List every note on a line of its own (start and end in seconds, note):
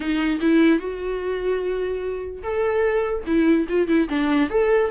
0.00 0.39 D#4
0.40 0.79 E4
0.79 2.42 F#4
2.42 3.24 A4
3.26 3.67 E4
3.68 3.87 F4
3.87 4.08 E4
4.09 4.50 D4
4.50 4.90 A4